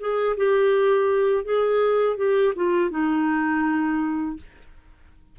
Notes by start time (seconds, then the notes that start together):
0.00 G#4
0.38 G4
1.45 G#4
2.18 G4
2.56 F4
2.91 D#4